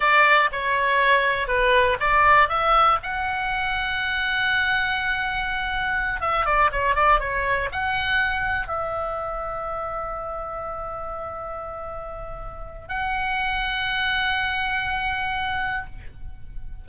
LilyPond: \new Staff \with { instrumentName = "oboe" } { \time 4/4 \tempo 4 = 121 d''4 cis''2 b'4 | d''4 e''4 fis''2~ | fis''1~ | fis''8 e''8 d''8 cis''8 d''8 cis''4 fis''8~ |
fis''4. e''2~ e''8~ | e''1~ | e''2 fis''2~ | fis''1 | }